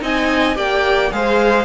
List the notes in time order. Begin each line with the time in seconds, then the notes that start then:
0.00 C4 D#4 D#5 G#5
0.55 A#3 G4 D5 G5
1.12 G#3 G#4 C5 F5